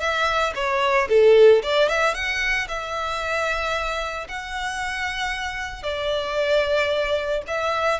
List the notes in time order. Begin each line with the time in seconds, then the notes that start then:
0.00 E5
0.55 C#5
1.09 A4
1.63 D5
1.88 E5
2.14 F#5
2.68 E5
4.28 F#5
5.83 D5
7.47 E5